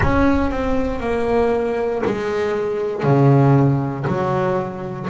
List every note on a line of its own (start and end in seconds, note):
0.02 0.50 C#4
0.50 1.00 C4
1.00 2.02 A#3
2.05 3.03 G#3
3.03 4.04 C#3
4.07 5.08 F#3